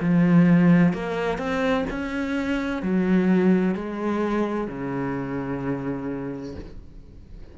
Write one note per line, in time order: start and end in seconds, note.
0.00 0.93 F3
0.93 1.38 A#3
1.38 1.85 C4
1.90 2.82 C#4
2.82 3.75 F#3
3.75 4.67 G#3
4.67 6.55 C#3